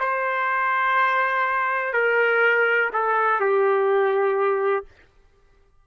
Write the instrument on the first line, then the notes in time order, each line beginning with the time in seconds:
trumpet
0.00 C5
1.94 A#4
2.93 A4
3.40 G4